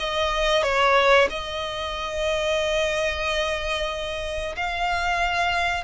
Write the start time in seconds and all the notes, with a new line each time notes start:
0.00 D#5
0.63 C#5
1.30 D#5
4.57 F5